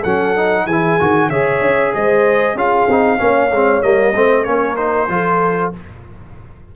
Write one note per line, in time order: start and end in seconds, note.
0.00 0.66 F#3
0.00 0.63 A4
0.00 0.67 F#5
0.06 0.36 C#4
0.36 0.68 D#4
0.66 0.98 E3
0.66 1.00 E4
0.66 1.29 G#4
0.66 1.30 G#5
1.00 1.29 D#3
1.00 1.31 F#4
1.29 1.61 C#3
1.29 2.57 G#4
1.29 1.92 C#5
1.29 1.93 E5
1.61 1.92 C#4
1.94 2.55 G#3
1.94 2.55 C5
1.94 2.58 D#5
2.55 2.87 C#4
2.55 2.89 F4
2.55 3.18 G#4
2.55 3.82 F5
2.88 3.19 C4
2.88 3.18 D#4
3.18 3.51 A#3
3.18 3.49 C#4
3.18 4.14 C#5
3.51 3.83 G#3
3.51 3.82 C4
3.82 4.15 G3
3.82 4.14 A#3
3.82 4.44 D#5
4.15 4.46 A3
4.15 4.45 C4
4.15 4.47 C5
4.44 5.09 A#3
4.44 4.77 C#4
4.44 5.10 A#4
4.44 4.76 C#5
4.76 5.08 D#4
4.76 5.71 C5
5.09 5.72 F3
5.09 5.73 F4
5.09 5.76 A4